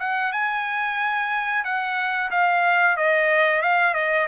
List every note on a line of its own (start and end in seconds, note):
0.00 0.33 F#5
0.33 1.65 G#5
1.65 2.31 F#5
2.31 2.97 F5
2.97 3.62 D#5
3.62 3.94 F5
3.94 4.27 D#5